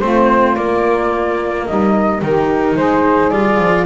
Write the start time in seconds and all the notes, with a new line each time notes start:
0.00 A3 C4 F4 C5
0.55 A#3 D5
1.66 G3 D#4 D#5
2.21 D#3 D#4 G4 A#4
2.76 G#3 G#4 C5
3.30 G3 F4 D5
3.58 F3